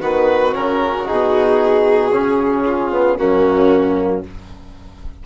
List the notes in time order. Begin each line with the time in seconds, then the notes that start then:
0.00 D#3 B3 F#4 B4
0.52 C#3 C#4 A#4
1.05 B2 D#4 G#4
2.12 C#3 C#4
2.65 F4
2.91 B3
3.17 F#2 A#3 C#4 F#4